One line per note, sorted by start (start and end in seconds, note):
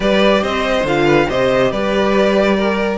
0.00 0.42 G3
0.00 0.84 G4
0.00 0.41 B4
0.00 0.43 D5
0.41 0.83 C4
0.41 1.05 C5
0.41 0.86 D#5
0.83 1.26 D3
0.83 1.28 F4
0.83 1.29 F5
1.05 1.26 B4
1.28 1.71 C3
1.28 2.98 G4
1.28 1.71 C5
1.28 1.72 D#5
1.71 2.98 G3
1.71 2.56 B4
1.71 2.98 D5
2.56 2.98 A#4